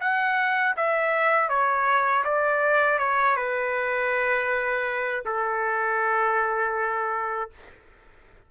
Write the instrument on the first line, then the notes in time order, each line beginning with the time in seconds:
trumpet
0.00 F#5
0.76 E5
1.49 C#5
2.24 D5
2.98 C#5
3.36 B4
5.25 A4